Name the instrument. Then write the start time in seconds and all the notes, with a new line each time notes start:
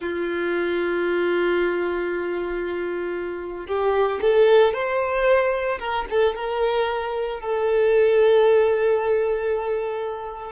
violin
0.00 F4
3.67 G4
4.21 A4
4.73 C5
5.79 A#4
6.10 A4
6.34 A#4
7.40 A4